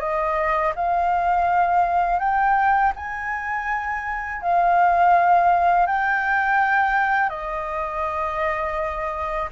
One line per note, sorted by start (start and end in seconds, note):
0.00 0.73 D#5
0.75 2.20 F5
2.20 2.93 G5
2.96 4.42 G#5
4.42 5.87 F5
5.87 7.30 G5
7.30 9.49 D#5